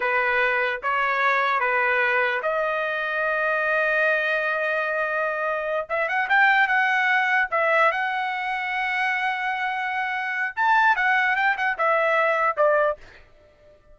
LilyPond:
\new Staff \with { instrumentName = "trumpet" } { \time 4/4 \tempo 4 = 148 b'2 cis''2 | b'2 dis''2~ | dis''1~ | dis''2~ dis''8 e''8 fis''8 g''8~ |
g''8 fis''2 e''4 fis''8~ | fis''1~ | fis''2 a''4 fis''4 | g''8 fis''8 e''2 d''4 | }